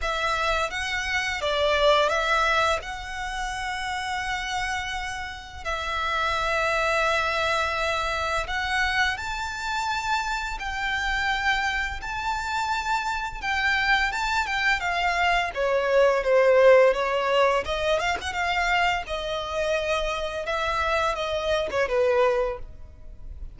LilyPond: \new Staff \with { instrumentName = "violin" } { \time 4/4 \tempo 4 = 85 e''4 fis''4 d''4 e''4 | fis''1 | e''1 | fis''4 a''2 g''4~ |
g''4 a''2 g''4 | a''8 g''8 f''4 cis''4 c''4 | cis''4 dis''8 f''16 fis''16 f''4 dis''4~ | dis''4 e''4 dis''8. cis''16 b'4 | }